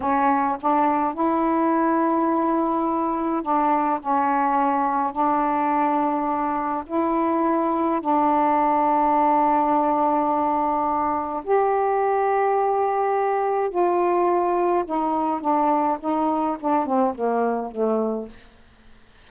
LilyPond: \new Staff \with { instrumentName = "saxophone" } { \time 4/4 \tempo 4 = 105 cis'4 d'4 e'2~ | e'2 d'4 cis'4~ | cis'4 d'2. | e'2 d'2~ |
d'1 | g'1 | f'2 dis'4 d'4 | dis'4 d'8 c'8 ais4 a4 | }